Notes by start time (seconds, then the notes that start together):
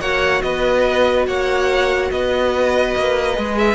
0.00 A#3 F#4 C#5 F#5
0.42 B3 B4 D#5
1.27 A#3 C#5 F#5
2.11 B3 B4 D#5
2.96 A#3
3.35 G#3 G#4
3.58 E5